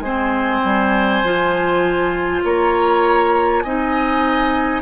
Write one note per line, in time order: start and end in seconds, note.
0.00 0.60 G#3
0.00 1.25 C4
0.00 2.44 C5
0.00 2.40 G#5
0.64 1.23 G3
1.23 2.43 F3
1.23 3.65 F4
2.44 3.64 A#3
2.44 3.64 C#5
2.44 3.61 A#5
3.61 4.82 C4
3.61 4.82 D#4
3.61 4.82 D#5
3.61 4.81 G#5